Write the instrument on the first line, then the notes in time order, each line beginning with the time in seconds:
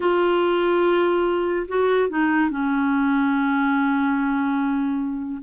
clarinet
0.00 F4
1.68 F#4
2.09 D#4
2.50 C#4